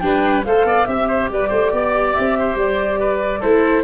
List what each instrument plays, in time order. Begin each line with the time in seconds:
0.00 tuba G3, viola D4, oboe B4, flute G5
0.45 tuba A3, viola A4, oboe C5, flute F5
0.65 tuba B3, oboe D5
0.85 tuba C4, viola G4, flute E5, oboe E5
1.08 oboe C5
1.30 tuba G3, oboe B4, flute D5
1.49 tuba A3, oboe C5
1.73 tuba B3, oboe D5
2.15 tuba C4, flute E5
2.39 oboe C5
2.56 tuba G3, flute D5
3.00 oboe B4
3.40 tuba A3, viola E4, oboe A4, flute C5